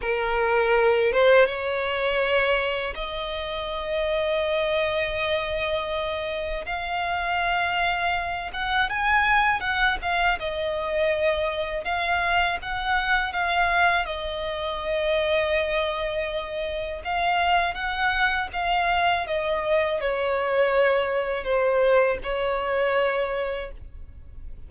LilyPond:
\new Staff \with { instrumentName = "violin" } { \time 4/4 \tempo 4 = 81 ais'4. c''8 cis''2 | dis''1~ | dis''4 f''2~ f''8 fis''8 | gis''4 fis''8 f''8 dis''2 |
f''4 fis''4 f''4 dis''4~ | dis''2. f''4 | fis''4 f''4 dis''4 cis''4~ | cis''4 c''4 cis''2 | }